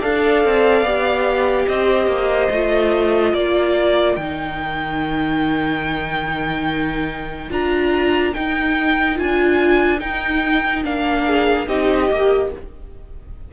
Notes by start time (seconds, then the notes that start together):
0.00 D4 A4 D5 F5
0.45 C4
0.83 B3 G4
1.69 C4 C5 D#5
2.07 A#3
2.51 A3 F4
3.33 A#3 A#4 D5
4.16 D#3 D#4 G5
7.51 D4 F4 A#5
8.34 D#4 G5
9.16 D4 F4 G#5
10.00 D#4 G5
10.84 A#3 D4 F5
11.27 G#4
11.68 C4 D#4 G4 D#5
12.09 A#3 G4